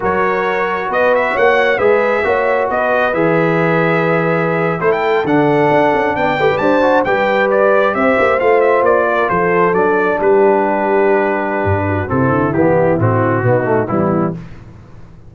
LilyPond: <<
  \new Staff \with { instrumentName = "trumpet" } { \time 4/4 \tempo 4 = 134 cis''2 dis''8 e''8 fis''4 | e''2 dis''4 e''4~ | e''2~ e''8. c''16 g''8. fis''16~ | fis''4.~ fis''16 g''4 a''4 g''16~ |
g''8. d''4 e''4 f''8 e''8 d''16~ | d''8. c''4 d''4 b'4~ b'16~ | b'2. a'4 | g'4 fis'2 e'4 | }
  \new Staff \with { instrumentName = "horn" } { \time 4/4 ais'2 b'4 cis''4 | b'4 cis''4 b'2~ | b'2~ b'8. a'4~ a'16~ | a'4.~ a'16 d''8 b'8 c''4 b'16~ |
b'4.~ b'16 c''2~ c''16~ | c''16 ais'8 a'2 g'4~ g'16~ | g'2~ g'8 fis'8 e'4~ | e'2 dis'4 b4 | }
  \new Staff \with { instrumentName = "trombone" } { \time 4/4 fis'1 | gis'4 fis'2 gis'4~ | gis'2~ gis'8. e'4 d'16~ | d'2~ d'16 g'4 fis'8 g'16~ |
g'2~ g'8. f'4~ f'16~ | f'4.~ f'16 d'2~ d'16~ | d'2. c'4 | b4 c'4 b8 a8 g4 | }
  \new Staff \with { instrumentName = "tuba" } { \time 4/4 fis2 b4 ais4 | gis4 ais4 b4 e4~ | e2~ e8. a4 d16~ | d8. d'8 cis'8 b8 a16 g16 d'4 g16~ |
g4.~ g16 c'8 ais8 a4 ais16~ | ais8. f4 fis4 g4~ g16~ | g2 g,4 c8 d8 | e4 a,4 b,4 e4 | }
>>